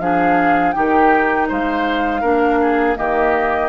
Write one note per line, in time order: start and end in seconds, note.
0.00 0.74 F3
0.00 0.75 D4
0.00 0.75 G#4
0.00 0.72 F5
0.72 1.51 D#3
0.72 2.23 D#4
0.72 1.48 G4
0.72 1.46 G5
1.48 2.23 G#3
1.48 2.21 C5
1.48 2.98 F5
2.21 2.97 A#3
2.21 2.96 D4
2.21 2.58 A#4
2.62 2.98 G#4
2.96 3.70 D#3
2.96 3.70 A#3
2.96 3.70 G4
2.96 3.70 D#5